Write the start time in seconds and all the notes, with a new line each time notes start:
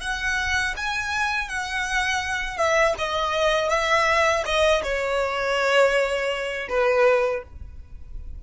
0.00 F#5
0.76 G#5
1.48 F#5
2.57 E5
2.98 D#5
3.69 E5
4.45 D#5
4.82 C#5
6.69 B4